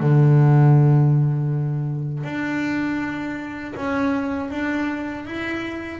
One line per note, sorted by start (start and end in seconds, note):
0.00 2.23 D3
2.23 3.73 D4
3.75 4.50 C#4
4.50 5.25 D4
5.25 5.99 E4